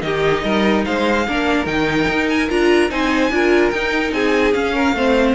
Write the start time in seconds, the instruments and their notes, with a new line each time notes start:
0.00 cello D#3, viola D#4, violin G4 D#5
0.43 cello G3, violin A#4
0.84 cello G#3, violin C5 F5
1.27 cello A#3, viola D4, violin A#4
1.65 cello D#3, viola D#4, violin G5
2.08 cello D#4
2.29 violin G#5
2.48 cello D4, viola F4, violin A#5
2.89 cello C4, viola D#4, violin C5 G#5
3.30 cello D4, viola F4, violin A#4
3.70 cello D#4, viola D#4, violin G5
4.12 cello C4, violin G#4 G#5
4.53 viola C#4, cello C#4, violin F5
4.74 violin A#4
4.92 cello A3, viola C4, violin C5